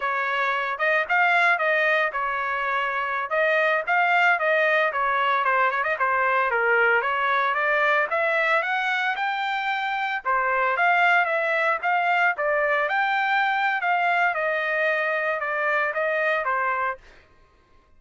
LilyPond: \new Staff \with { instrumentName = "trumpet" } { \time 4/4 \tempo 4 = 113 cis''4. dis''8 f''4 dis''4 | cis''2~ cis''16 dis''4 f''8.~ | f''16 dis''4 cis''4 c''8 cis''16 dis''16 c''8.~ | c''16 ais'4 cis''4 d''4 e''8.~ |
e''16 fis''4 g''2 c''8.~ | c''16 f''4 e''4 f''4 d''8.~ | d''16 g''4.~ g''16 f''4 dis''4~ | dis''4 d''4 dis''4 c''4 | }